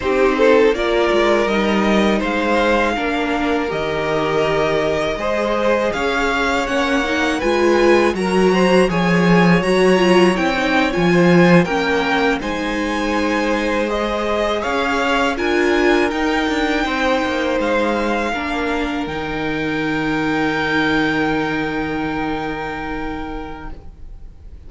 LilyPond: <<
  \new Staff \with { instrumentName = "violin" } { \time 4/4 \tempo 4 = 81 c''4 d''4 dis''4 f''4~ | f''4 dis''2. | f''4 fis''4 gis''4 ais''4 | gis''4 ais''4 g''8. gis''4 g''16~ |
g''8. gis''2 dis''4 f''16~ | f''8. gis''4 g''2 f''16~ | f''4.~ f''16 g''2~ g''16~ | g''1 | }
  \new Staff \with { instrumentName = "violin" } { \time 4/4 g'8 a'8 ais'2 c''4 | ais'2. c''4 | cis''2 b'4 ais'8 c''8 | cis''2. c''8. ais'16~ |
ais'8. c''2. cis''16~ | cis''8. ais'2 c''4~ c''16~ | c''8. ais'2.~ ais'16~ | ais'1 | }
  \new Staff \with { instrumentName = "viola" } { \time 4/4 dis'4 f'4 dis'2 | d'4 g'2 gis'4~ | gis'4 cis'8 dis'8 f'4 fis'4 | gis'4 fis'8 f'8 e'16 dis'8 f'4 cis'16~ |
cis'8. dis'2 gis'4~ gis'16~ | gis'8. f'4 dis'2~ dis'16~ | dis'8. d'4 dis'2~ dis'16~ | dis'1 | }
  \new Staff \with { instrumentName = "cello" } { \time 4/4 c'4 ais8 gis8 g4 gis4 | ais4 dis2 gis4 | cis'4 ais4 gis4 fis4 | f4 fis4 c'8. f4 ais16~ |
ais8. gis2. cis'16~ | cis'8. d'4 dis'8 d'8 c'8 ais8 gis16~ | gis8. ais4 dis2~ dis16~ | dis1 | }
>>